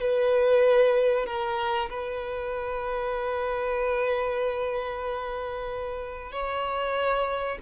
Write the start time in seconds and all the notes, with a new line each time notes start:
0.00 B4
1.26 A#4
1.89 B4
6.31 C#5